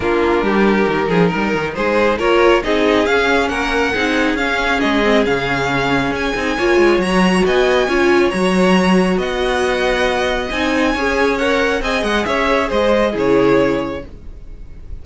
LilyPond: <<
  \new Staff \with { instrumentName = "violin" } { \time 4/4 \tempo 4 = 137 ais'1 | c''4 cis''4 dis''4 f''4 | fis''2 f''4 dis''4 | f''2 gis''2 |
ais''4 gis''2 ais''4~ | ais''4 fis''2. | gis''2 fis''4 gis''8 fis''8 | e''4 dis''4 cis''2 | }
  \new Staff \with { instrumentName = "violin" } { \time 4/4 f'4 g'4. gis'8 ais'4 | gis'4 ais'4 gis'2 | ais'4 gis'2.~ | gis'2. cis''4~ |
cis''4 dis''4 cis''2~ | cis''4 dis''2.~ | dis''4 cis''2 dis''4 | cis''4 c''4 gis'2 | }
  \new Staff \with { instrumentName = "viola" } { \time 4/4 d'2 dis'2~ | dis'4 f'4 dis'4 cis'4~ | cis'4 dis'4 cis'4. c'8 | cis'2~ cis'8 dis'8 f'4 |
fis'2 f'4 fis'4~ | fis'1 | dis'4 gis'4 ais'4 gis'4~ | gis'2 e'2 | }
  \new Staff \with { instrumentName = "cello" } { \time 4/4 ais4 g4 dis8 f8 g8 dis8 | gis4 ais4 c'4 cis'4 | ais4 c'4 cis'4 gis4 | cis2 cis'8 c'8 ais8 gis8 |
fis4 b4 cis'4 fis4~ | fis4 b2. | c'4 cis'2 c'8 gis8 | cis'4 gis4 cis2 | }
>>